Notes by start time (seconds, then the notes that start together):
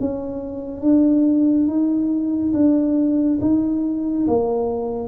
0.00 C#4
0.81 D4
1.67 D#4
2.53 D4
3.41 D#4
4.27 A#3